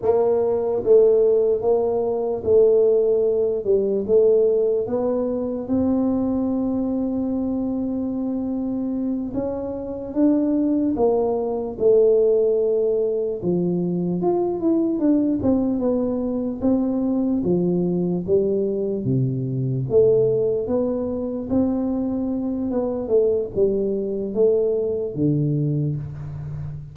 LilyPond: \new Staff \with { instrumentName = "tuba" } { \time 4/4 \tempo 4 = 74 ais4 a4 ais4 a4~ | a8 g8 a4 b4 c'4~ | c'2.~ c'8 cis'8~ | cis'8 d'4 ais4 a4.~ |
a8 f4 f'8 e'8 d'8 c'8 b8~ | b8 c'4 f4 g4 c8~ | c8 a4 b4 c'4. | b8 a8 g4 a4 d4 | }